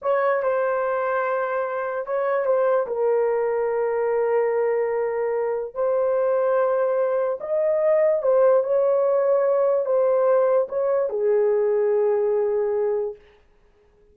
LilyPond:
\new Staff \with { instrumentName = "horn" } { \time 4/4 \tempo 4 = 146 cis''4 c''2.~ | c''4 cis''4 c''4 ais'4~ | ais'1~ | ais'2 c''2~ |
c''2 dis''2 | c''4 cis''2. | c''2 cis''4 gis'4~ | gis'1 | }